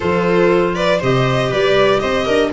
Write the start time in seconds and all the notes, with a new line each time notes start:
0.00 F3 F4 A4 C5
0.74 B4 D5
0.99 C3 G4 C5 D#5
1.49 G3 B4 D5
1.99 C4 C5 D#5
2.25 D4 A#4